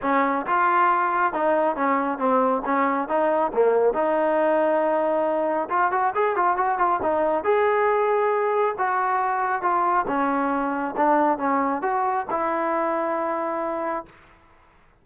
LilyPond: \new Staff \with { instrumentName = "trombone" } { \time 4/4 \tempo 4 = 137 cis'4 f'2 dis'4 | cis'4 c'4 cis'4 dis'4 | ais4 dis'2.~ | dis'4 f'8 fis'8 gis'8 f'8 fis'8 f'8 |
dis'4 gis'2. | fis'2 f'4 cis'4~ | cis'4 d'4 cis'4 fis'4 | e'1 | }